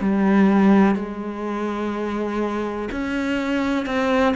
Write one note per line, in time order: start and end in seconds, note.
0.00 0.95 G3
0.95 2.89 G#3
2.91 3.86 C#4
3.86 4.34 C4